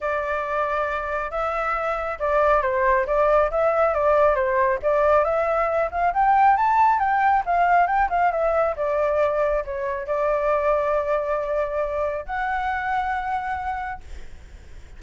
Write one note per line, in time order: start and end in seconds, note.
0.00 1.30 D5
1.30 2.18 E5
2.19 2.62 D5
2.62 3.06 C5
3.06 3.50 D5
3.50 3.94 E5
3.94 4.35 D5
4.35 4.79 C5
4.82 5.24 D5
5.24 5.90 E5
5.91 6.13 F5
6.13 6.56 G5
6.56 6.99 A5
6.99 7.43 G5
7.45 7.87 F5
7.87 8.08 G5
8.09 8.31 F5
8.31 8.75 E5
8.76 9.64 D5
9.64 10.06 C#5
10.06 12.25 D5
12.25 14.00 F#5